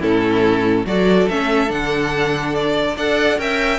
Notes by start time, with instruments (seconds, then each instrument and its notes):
0.00 cello A2, viola C#4, violin E4 A4
0.85 cello F#3, viola F#4, violin A4 D5
1.29 cello A3, viola C#4, violin E5
1.67 cello D3, viola D4, violin F#5
2.55 violin D5
2.96 cello D4, viola A4, violin D5 F#5
3.38 cello C#4, viola A#4, violin E5 G5